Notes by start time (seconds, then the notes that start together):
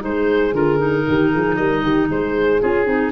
0.00 G#3 D#4 G#4 C5
0.53 D3 F4 A#4
0.79 D#4
1.08 D#3 G4
1.33 F3 G#4
1.56 G3 A#4 D#5
1.83 D#3 G4
2.10 G#3 G#4 C5
2.61 C#4 F4 G#4
2.86 C4 D#4